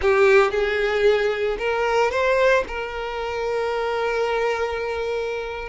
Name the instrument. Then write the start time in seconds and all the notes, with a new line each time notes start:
violin
0.01 G4
0.51 G#4
1.58 A#4
2.11 C5
2.67 A#4